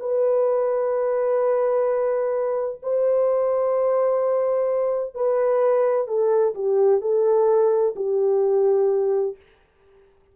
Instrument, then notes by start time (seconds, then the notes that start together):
horn
0.00 B4
2.83 C5
5.15 B4
6.07 A4
6.55 G4
7.01 A4
7.96 G4